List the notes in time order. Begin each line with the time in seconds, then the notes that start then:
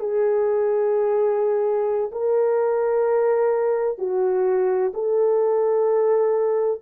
0.00 G#4
2.12 A#4
3.98 F#4
4.94 A4